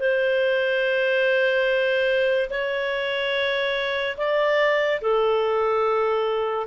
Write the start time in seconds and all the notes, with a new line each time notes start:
0.00 C5
2.50 C#5
4.18 D5
5.02 A4